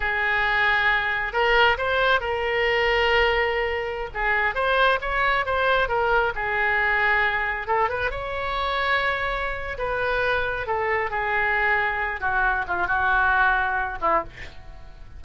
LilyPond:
\new Staff \with { instrumentName = "oboe" } { \time 4/4 \tempo 4 = 135 gis'2. ais'4 | c''4 ais'2.~ | ais'4~ ais'16 gis'4 c''4 cis''8.~ | cis''16 c''4 ais'4 gis'4.~ gis'16~ |
gis'4~ gis'16 a'8 b'8 cis''4.~ cis''16~ | cis''2 b'2 | a'4 gis'2~ gis'8 fis'8~ | fis'8 f'8 fis'2~ fis'8 e'8 | }